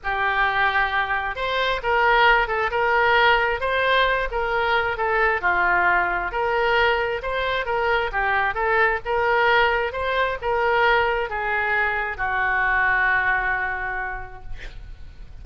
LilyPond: \new Staff \with { instrumentName = "oboe" } { \time 4/4 \tempo 4 = 133 g'2. c''4 | ais'4. a'8 ais'2 | c''4. ais'4. a'4 | f'2 ais'2 |
c''4 ais'4 g'4 a'4 | ais'2 c''4 ais'4~ | ais'4 gis'2 fis'4~ | fis'1 | }